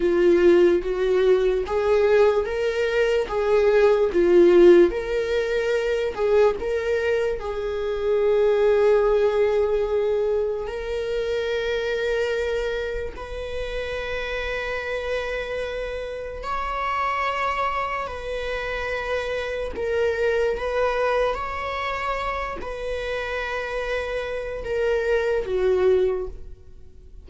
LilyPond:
\new Staff \with { instrumentName = "viola" } { \time 4/4 \tempo 4 = 73 f'4 fis'4 gis'4 ais'4 | gis'4 f'4 ais'4. gis'8 | ais'4 gis'2.~ | gis'4 ais'2. |
b'1 | cis''2 b'2 | ais'4 b'4 cis''4. b'8~ | b'2 ais'4 fis'4 | }